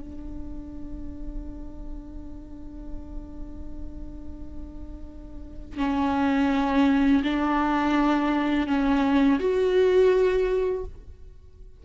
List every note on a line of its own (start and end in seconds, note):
0.00 5.78 D4
5.78 7.22 C#4
7.24 8.67 D4
8.67 9.39 C#4
9.40 10.84 F#4